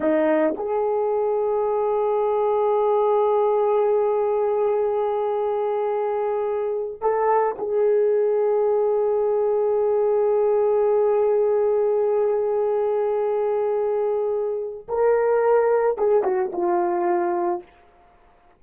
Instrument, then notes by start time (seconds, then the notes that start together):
horn
0.00 D#4
0.57 G#4
7.01 A4
7.58 G#4
14.88 A#4
15.97 G#4
16.23 F#4
16.52 F4